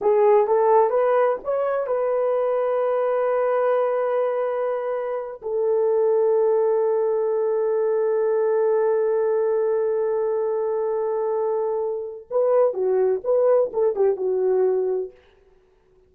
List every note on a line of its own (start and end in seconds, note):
0.01 0.47 G#4
0.47 0.90 A4
0.90 1.37 B4
1.44 1.86 C#5
1.86 5.41 B4
5.42 12.27 A4
12.30 12.73 B4
12.73 13.20 F#4
13.23 13.71 B4
13.73 13.95 A4
13.95 14.16 G4
14.16 15.11 F#4